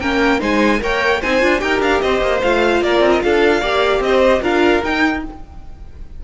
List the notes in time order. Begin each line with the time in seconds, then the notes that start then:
0.00 A#3 C#4 A#4 G5
0.39 G#3 D#4 C5 G#5
0.79 A#3 A#4 C#5 G5
1.21 C4 D#4 C5 G#5
1.40 D4 F4
1.59 D#4 G4 A#4 G5
1.80 D4 F5
2.00 C4 C5 D#5
2.22 A#3
2.42 A3 F4 F5
2.82 A#3 A#4 D5
3.00 C4
3.12 D#5
3.23 D4 A4 F5
3.61 A#3 G4 D5
4.00 C4 D#5
4.06 C5
4.42 D4 F4 A#4 F5
4.83 D#4 G5